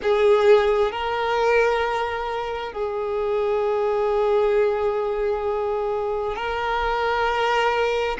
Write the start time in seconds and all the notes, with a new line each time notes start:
0.02 G#4
0.91 A#4
2.72 G#4
6.36 A#4